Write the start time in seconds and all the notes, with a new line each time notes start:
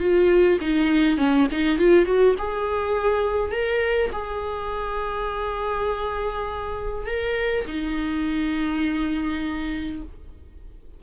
0.00 F4
0.61 D#4
1.18 C#4
1.52 D#4
1.79 F4
2.06 F#4
2.39 G#4
3.52 A#4
4.13 G#4
7.07 A#4
7.68 D#4